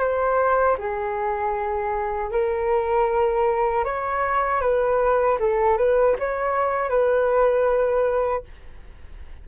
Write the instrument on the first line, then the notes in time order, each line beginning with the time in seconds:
flute
0.00 C5
0.79 G#4
2.31 A#4
3.85 C#5
4.62 B4
5.40 A4
5.78 B4
6.19 C#5
6.90 B4